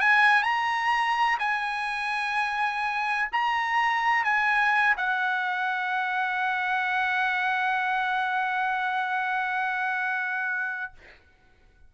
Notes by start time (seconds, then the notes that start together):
0.00 G#5
0.43 A#5
1.39 G#5
3.32 A#5
4.24 G#5
4.97 F#5